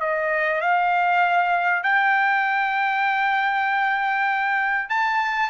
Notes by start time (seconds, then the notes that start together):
0.00 D#5
0.61 F5
1.83 G5
4.89 A5